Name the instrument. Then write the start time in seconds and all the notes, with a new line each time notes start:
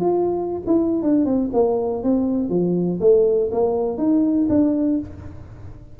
tuba
0.00 F4
0.67 E4
1.02 D4
1.25 C4
1.53 A#3
2.03 C4
2.49 F3
3.00 A3
3.52 A#3
3.98 D#4
4.49 D4